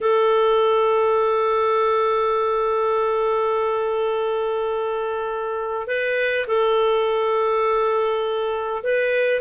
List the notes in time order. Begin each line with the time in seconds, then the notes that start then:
0.00 A4
5.87 B4
6.47 A4
8.83 B4